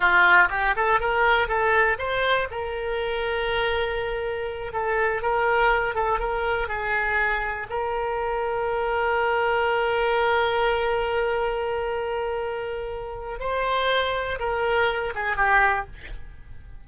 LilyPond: \new Staff \with { instrumentName = "oboe" } { \time 4/4 \tempo 4 = 121 f'4 g'8 a'8 ais'4 a'4 | c''4 ais'2.~ | ais'4. a'4 ais'4. | a'8 ais'4 gis'2 ais'8~ |
ais'1~ | ais'1~ | ais'2. c''4~ | c''4 ais'4. gis'8 g'4 | }